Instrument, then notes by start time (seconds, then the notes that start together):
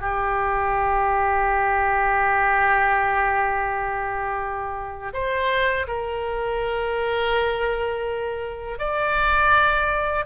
oboe
0.00 G4
5.13 C5
5.87 A#4
8.78 D5